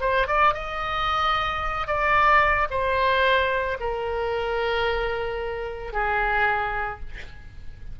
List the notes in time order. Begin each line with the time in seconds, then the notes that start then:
0.00 C5
0.27 D5
0.54 D#5
1.87 D5
2.70 C5
3.80 A#4
5.93 G#4